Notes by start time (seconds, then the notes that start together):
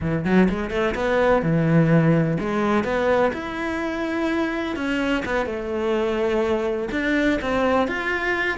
0.00 E3
0.24 F#3
0.49 G#3
0.70 A3
0.94 B3
1.42 E3
2.40 G#3
2.83 B3
3.33 E4
4.76 C#4
5.25 B3
5.45 A3
6.91 D4
7.41 C4
7.87 F4